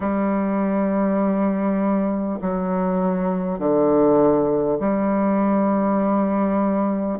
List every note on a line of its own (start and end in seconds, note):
0.00 2.39 G3
2.41 3.58 F#3
3.58 4.78 D3
4.79 7.19 G3